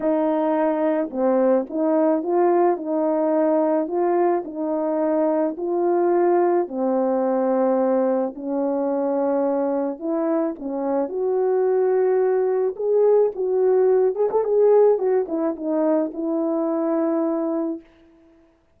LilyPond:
\new Staff \with { instrumentName = "horn" } { \time 4/4 \tempo 4 = 108 dis'2 c'4 dis'4 | f'4 dis'2 f'4 | dis'2 f'2 | c'2. cis'4~ |
cis'2 e'4 cis'4 | fis'2. gis'4 | fis'4. gis'16 a'16 gis'4 fis'8 e'8 | dis'4 e'2. | }